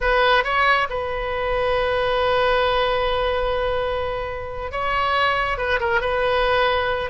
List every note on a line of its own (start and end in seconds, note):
0.01 0.44 B4
0.44 0.88 C#5
0.89 4.71 B4
4.71 5.57 C#5
5.57 5.79 B4
5.80 6.00 A#4
6.00 7.10 B4